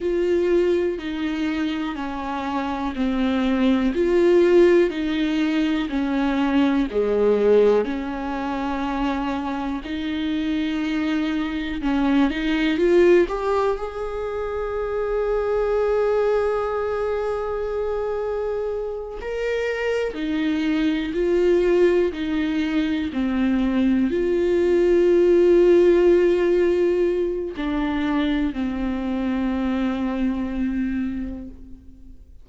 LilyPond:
\new Staff \with { instrumentName = "viola" } { \time 4/4 \tempo 4 = 61 f'4 dis'4 cis'4 c'4 | f'4 dis'4 cis'4 gis4 | cis'2 dis'2 | cis'8 dis'8 f'8 g'8 gis'2~ |
gis'2.~ gis'8 ais'8~ | ais'8 dis'4 f'4 dis'4 c'8~ | c'8 f'2.~ f'8 | d'4 c'2. | }